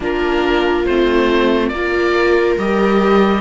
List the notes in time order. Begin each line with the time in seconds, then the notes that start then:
0.00 A#3 D4 F4 A#4
0.86 A3 C4 C5
1.68 A#3 D5
1.74 F4 A#4
2.57 G3 G4 D#5